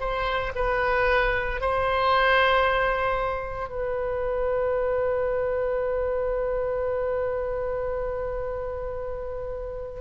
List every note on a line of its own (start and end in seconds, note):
0.00 0.53 C5
0.56 1.61 B4
1.61 3.69 C5
3.69 10.00 B4